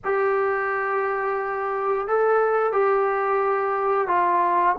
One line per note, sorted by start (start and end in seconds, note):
0.04 2.07 G4
2.07 2.72 A4
2.72 4.07 G4
4.07 4.75 F4